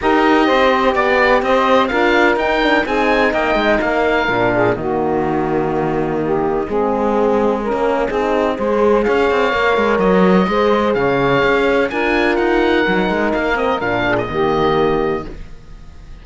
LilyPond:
<<
  \new Staff \with { instrumentName = "oboe" } { \time 4/4 \tempo 4 = 126 dis''2 d''4 dis''4 | f''4 g''4 gis''4 g''4 | f''2 dis''2~ | dis''1~ |
dis''2. f''4~ | f''4 dis''2 f''4~ | f''4 gis''4 fis''2 | f''8 dis''8 f''8. dis''2~ dis''16 | }
  \new Staff \with { instrumentName = "saxophone" } { \time 4/4 ais'4 c''4 d''4 c''4 | ais'2 gis'4 dis''4 | ais'4. gis'8 fis'2~ | fis'4 g'4 gis'2 |
ais'4 gis'4 c''4 cis''4~ | cis''2 c''4 cis''4~ | cis''4 ais'2.~ | ais'4. gis'8 g'2 | }
  \new Staff \with { instrumentName = "horn" } { \time 4/4 g'1 | f'4 dis'8 d'8 dis'2~ | dis'4 d'4 ais2~ | ais2 c'2 |
cis'4 dis'4 gis'2 | ais'2 gis'2~ | gis'4 f'2 dis'4~ | dis'8 c'8 d'4 ais2 | }
  \new Staff \with { instrumentName = "cello" } { \time 4/4 dis'4 c'4 b4 c'4 | d'4 dis'4 c'4 ais8 gis8 | ais4 ais,4 dis2~ | dis2 gis2~ |
gis16 ais8. c'4 gis4 cis'8 c'8 | ais8 gis8 fis4 gis4 cis4 | cis'4 d'4 dis'4 fis8 gis8 | ais4 ais,4 dis2 | }
>>